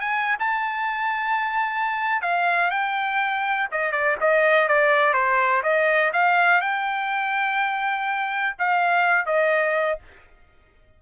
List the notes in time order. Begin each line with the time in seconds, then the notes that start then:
0.00 G#5
0.39 A5
2.22 F5
2.71 G5
3.71 D#5
3.92 D5
4.21 D#5
4.68 D5
5.13 C5
5.63 D#5
6.13 F5
6.61 G5
8.58 F5
9.25 D#5